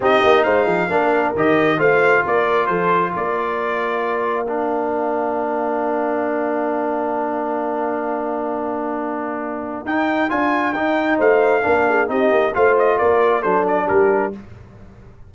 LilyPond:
<<
  \new Staff \with { instrumentName = "trumpet" } { \time 4/4 \tempo 4 = 134 dis''4 f''2 dis''4 | f''4 d''4 c''4 d''4~ | d''2 f''2~ | f''1~ |
f''1~ | f''2 g''4 gis''4 | g''4 f''2 dis''4 | f''8 dis''8 d''4 c''8 d''8 ais'4 | }
  \new Staff \with { instrumentName = "horn" } { \time 4/4 g'4 c''8 gis'8 ais'2 | c''4 ais'4 a'4 ais'4~ | ais'1~ | ais'1~ |
ais'1~ | ais'1~ | ais'4 c''4 ais'8 gis'8 g'4 | c''4 ais'4 a'4 g'4 | }
  \new Staff \with { instrumentName = "trombone" } { \time 4/4 dis'2 d'4 g'4 | f'1~ | f'2 d'2~ | d'1~ |
d'1~ | d'2 dis'4 f'4 | dis'2 d'4 dis'4 | f'2 d'2 | }
  \new Staff \with { instrumentName = "tuba" } { \time 4/4 c'8 ais8 gis8 f8 ais4 dis4 | a4 ais4 f4 ais4~ | ais1~ | ais1~ |
ais1~ | ais2 dis'4 d'4 | dis'4 a4 ais4 c'8 ais8 | a4 ais4 fis4 g4 | }
>>